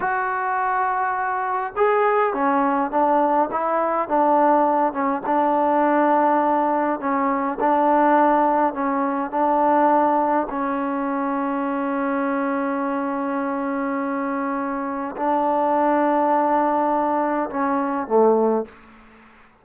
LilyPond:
\new Staff \with { instrumentName = "trombone" } { \time 4/4 \tempo 4 = 103 fis'2. gis'4 | cis'4 d'4 e'4 d'4~ | d'8 cis'8 d'2. | cis'4 d'2 cis'4 |
d'2 cis'2~ | cis'1~ | cis'2 d'2~ | d'2 cis'4 a4 | }